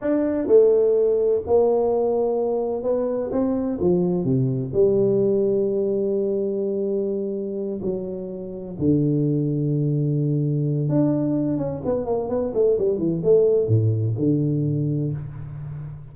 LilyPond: \new Staff \with { instrumentName = "tuba" } { \time 4/4 \tempo 4 = 127 d'4 a2 ais4~ | ais2 b4 c'4 | f4 c4 g2~ | g1~ |
g8 fis2 d4.~ | d2. d'4~ | d'8 cis'8 b8 ais8 b8 a8 g8 e8 | a4 a,4 d2 | }